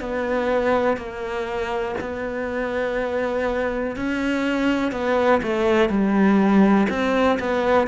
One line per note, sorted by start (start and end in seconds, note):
0.00 0.97 B3
0.97 1.95 A#3
2.00 3.96 B3
3.96 4.91 C#4
4.91 5.41 B3
5.42 5.89 A3
5.89 6.87 G3
6.89 7.39 C4
7.39 7.87 B3